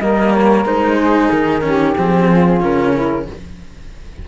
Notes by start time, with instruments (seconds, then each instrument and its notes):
0.00 cello G3 A#3, saxophone A#4, flute D#5
0.33 flute C#5
0.65 cello G#3 D#4, flute C5
0.98 saxophone G#4
1.31 cello D#3, flute A#4
1.62 cello C#4, saxophone G4
1.98 cello F3 C4, flute G#4
2.30 saxophone F4
2.61 cello C#3 C#4, flute A#4
2.94 saxophone E4